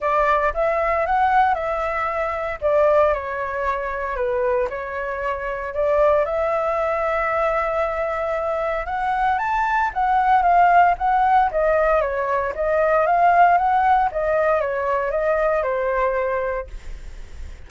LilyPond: \new Staff \with { instrumentName = "flute" } { \time 4/4 \tempo 4 = 115 d''4 e''4 fis''4 e''4~ | e''4 d''4 cis''2 | b'4 cis''2 d''4 | e''1~ |
e''4 fis''4 a''4 fis''4 | f''4 fis''4 dis''4 cis''4 | dis''4 f''4 fis''4 dis''4 | cis''4 dis''4 c''2 | }